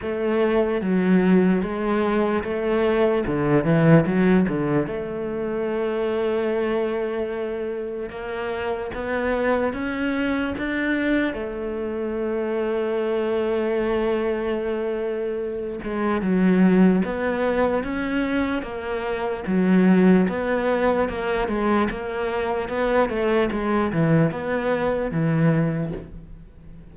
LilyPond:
\new Staff \with { instrumentName = "cello" } { \time 4/4 \tempo 4 = 74 a4 fis4 gis4 a4 | d8 e8 fis8 d8 a2~ | a2 ais4 b4 | cis'4 d'4 a2~ |
a2.~ a8 gis8 | fis4 b4 cis'4 ais4 | fis4 b4 ais8 gis8 ais4 | b8 a8 gis8 e8 b4 e4 | }